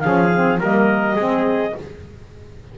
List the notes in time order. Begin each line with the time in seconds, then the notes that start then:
0.00 F3 C#4 G#4 F5
0.35 C4
0.60 G3 A#3 A#4 D#5
1.16 G#3 C4 G#4